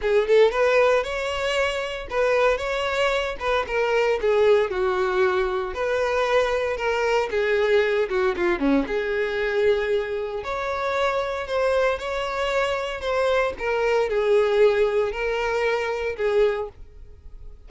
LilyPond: \new Staff \with { instrumentName = "violin" } { \time 4/4 \tempo 4 = 115 gis'8 a'8 b'4 cis''2 | b'4 cis''4. b'8 ais'4 | gis'4 fis'2 b'4~ | b'4 ais'4 gis'4. fis'8 |
f'8 cis'8 gis'2. | cis''2 c''4 cis''4~ | cis''4 c''4 ais'4 gis'4~ | gis'4 ais'2 gis'4 | }